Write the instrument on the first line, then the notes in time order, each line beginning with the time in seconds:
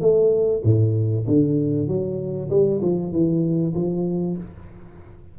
tuba
0.00 A3
0.64 A2
1.26 D3
1.88 F#3
2.50 G3
2.82 F3
3.12 E3
3.75 F3